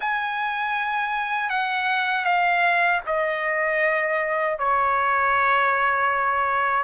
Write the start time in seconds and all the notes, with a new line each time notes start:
0.00 G#5
1.49 F#5
2.24 F5
3.06 D#5
4.58 C#5